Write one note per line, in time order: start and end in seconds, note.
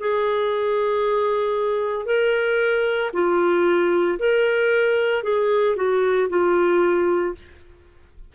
0.00 2.06 G#4
2.06 3.11 A#4
3.13 4.19 F4
4.19 5.23 A#4
5.23 5.76 G#4
5.76 6.29 F#4
6.29 7.34 F4